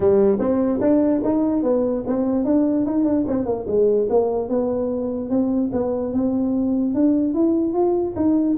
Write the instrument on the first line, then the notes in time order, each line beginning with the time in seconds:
tuba
0.00 G3
0.39 C4
0.81 D4
1.24 D#4
1.63 B3
2.06 C4
2.44 D4
2.85 D#4
3.04 D4
3.27 C4
3.45 A#3
3.67 G#3
4.09 A#3
4.48 B3
5.29 C4
5.72 B3
6.13 C4
6.94 D4
7.34 E4
7.73 F4
8.16 D#4